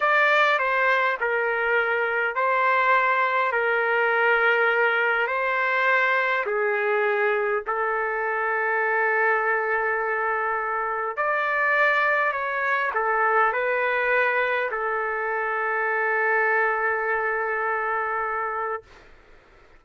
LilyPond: \new Staff \with { instrumentName = "trumpet" } { \time 4/4 \tempo 4 = 102 d''4 c''4 ais'2 | c''2 ais'2~ | ais'4 c''2 gis'4~ | gis'4 a'2.~ |
a'2. d''4~ | d''4 cis''4 a'4 b'4~ | b'4 a'2.~ | a'1 | }